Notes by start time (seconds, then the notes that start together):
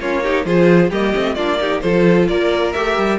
0.00 A#3 C#4 F4 C#5
0.23 D#4 G4
0.45 F3 F4 G#4 C5
0.90 G3 A#3 G4 D#5
1.13 A3 C4
1.34 A#3 D4 F4 D5
1.59 D#4 G4
1.81 F3 F4 A4 C5
2.28 A#3 A#4 D5
2.72 A3 G4 E5
2.97 G3